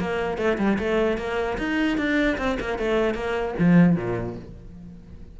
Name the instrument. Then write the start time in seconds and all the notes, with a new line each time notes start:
cello
0.00 A#3
0.37 A3
0.58 G3
0.79 A3
1.17 A#3
1.58 D#4
1.98 D4
2.38 C4
2.60 A#3
2.78 A3
3.14 A#3
3.59 F3
3.96 A#2